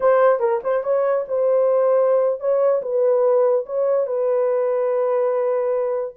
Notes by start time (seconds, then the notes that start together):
0.00 C5
0.39 A#4
0.63 C5
0.83 C#5
1.28 C5
2.39 C#5
2.81 B4
3.66 C#5
4.06 B4